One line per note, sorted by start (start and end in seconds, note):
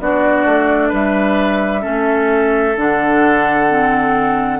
0.00 0.45 B3
0.00 1.81 D4
0.00 0.88 F#4
0.00 0.92 D5
0.45 0.91 A3
0.88 1.84 G3
0.88 1.81 B4
0.88 2.77 E5
1.81 2.76 A3
1.81 2.73 C#4
1.81 4.58 A4
2.76 4.60 D3
2.76 3.69 D4
2.76 4.60 F#5
3.69 4.60 C4